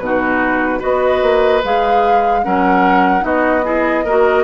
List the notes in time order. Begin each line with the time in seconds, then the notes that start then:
0.00 B2 D#4 F#4 B4
0.79 B3 F#4 B4 D#5
1.22 A#3
1.64 G#3 G#4 F5
2.44 F#3 C#4 A#4 F#5
3.20 B3 D#4 F#4 D#5
3.64 E4 G#4
4.05 A#3 F#4 A#4